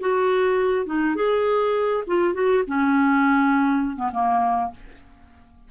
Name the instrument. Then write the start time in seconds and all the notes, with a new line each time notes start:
clarinet
0.00 F#4
0.86 D#4
1.15 G#4
2.07 F4
2.34 F#4
2.67 C#4
3.96 B3
4.12 A#3